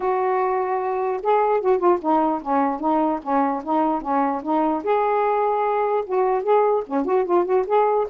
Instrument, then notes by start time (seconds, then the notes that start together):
saxophone
0.00 F#4
1.22 G#4
1.61 F#4
1.78 F4
2.01 D#4
2.41 C#4
2.79 D#4
3.22 C#4
3.64 D#4
4.01 C#4
4.42 D#4
4.83 G#4
6.06 F#4
6.43 G#4
6.86 C#4
7.05 F#4
7.25 F4
7.45 F#4
7.66 G#4